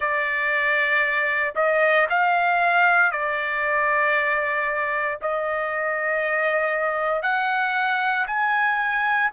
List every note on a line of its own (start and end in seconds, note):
0.00 1.54 D5
1.55 2.07 D#5
2.09 3.11 F5
3.11 5.18 D5
5.21 7.22 D#5
7.22 8.26 F#5
8.27 9.30 G#5